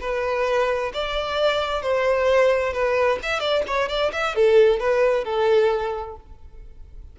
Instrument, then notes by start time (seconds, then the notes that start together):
violin
0.00 B4
0.93 D5
1.82 C5
2.73 B4
3.22 E5
3.40 D5
3.67 C#5
3.88 D5
4.12 E5
4.35 A4
4.79 B4
5.24 A4